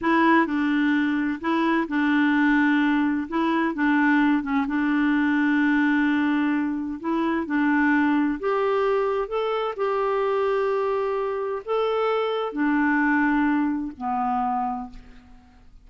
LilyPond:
\new Staff \with { instrumentName = "clarinet" } { \time 4/4 \tempo 4 = 129 e'4 d'2 e'4 | d'2. e'4 | d'4. cis'8 d'2~ | d'2. e'4 |
d'2 g'2 | a'4 g'2.~ | g'4 a'2 d'4~ | d'2 b2 | }